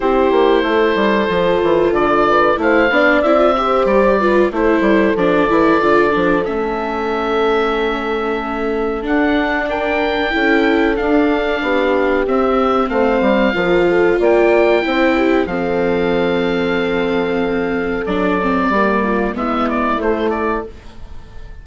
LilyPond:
<<
  \new Staff \with { instrumentName = "oboe" } { \time 4/4 \tempo 4 = 93 c''2. d''4 | f''4 e''4 d''4 c''4 | d''2 e''2~ | e''2 fis''4 g''4~ |
g''4 f''2 e''4 | f''2 g''2 | f''1 | d''2 e''8 d''8 c''8 d''8 | }
  \new Staff \with { instrumentName = "horn" } { \time 4/4 g'4 a'2~ a'8 b'8 | c''8 d''4 c''4 b'8 a'4~ | a'1~ | a'2. ais'4 |
a'2 g'2 | c''4 ais'8 a'8 d''4 c''8 g'8 | a'1~ | a'4 g'8 f'8 e'2 | }
  \new Staff \with { instrumentName = "viola" } { \time 4/4 e'2 f'2 | e'8 d'8 e'16 f'16 g'4 f'8 e'4 | d'8 e'8 f'8 d'8 cis'2~ | cis'2 d'2 |
e'4 d'2 c'4~ | c'4 f'2 e'4 | c'1 | d'8 c'8 ais4 b4 a4 | }
  \new Staff \with { instrumentName = "bassoon" } { \time 4/4 c'8 ais8 a8 g8 f8 e8 d4 | a8 b8 c'4 g4 a8 g8 | f8 e8 d8 f8 a2~ | a2 d'2 |
cis'4 d'4 b4 c'4 | a8 g8 f4 ais4 c'4 | f1 | fis4 g4 gis4 a4 | }
>>